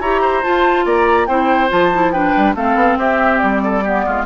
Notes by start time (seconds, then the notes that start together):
0.00 E4 G4 C#5 A#5
0.21 C5
0.43 F4 A5
0.85 A#3 D5 A#5
1.26 C4 E4 C5 G5
1.68 F3 F4 A5
1.93 E4
2.12 D4 B4 G5
2.36 G3
2.54 A3 C4 A4 F5
2.75 B3
2.97 C4 G4 E5
3.38 G3 D5
3.63 A4
3.83 B3 G4
4.06 G#3 F4